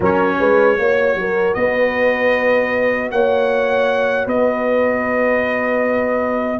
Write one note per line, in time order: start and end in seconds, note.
0.00 0.39 F#3
0.00 0.77 C#4
0.00 0.37 A#4
0.00 1.54 C#5
0.39 0.78 G#3
0.39 0.78 B4
0.77 1.15 A#3
0.77 6.59 F#4
0.77 1.19 C#5
1.15 1.54 F#3
1.15 1.58 A#4
1.54 3.11 B3
1.54 3.12 B4
1.54 3.10 D#5
3.11 4.26 A#3
3.11 4.26 C#5
3.11 4.28 F#5
4.26 6.59 B3
4.26 6.59 B4
4.26 6.59 D#5